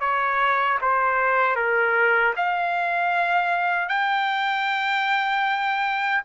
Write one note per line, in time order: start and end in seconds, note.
0.00 0.78 C#5
0.81 1.55 C5
1.55 2.33 A#4
2.36 3.88 F5
3.88 6.22 G5